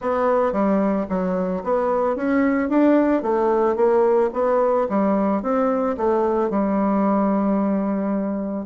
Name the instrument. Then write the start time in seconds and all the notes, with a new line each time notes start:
bassoon
0.01 B3
0.52 G3
1.09 F#3
1.63 B3
2.16 C#4
2.69 D4
3.22 A3
3.76 A#3
4.33 B3
4.89 G3
5.42 C4
5.97 A3
6.50 G3